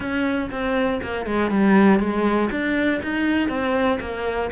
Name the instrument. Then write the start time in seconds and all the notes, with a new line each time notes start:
cello
0.00 C#4
0.50 C4
1.02 A#3
1.26 G#3
1.50 G3
1.99 G#3
2.50 D4
3.02 D#4
3.48 C4
4.00 A#3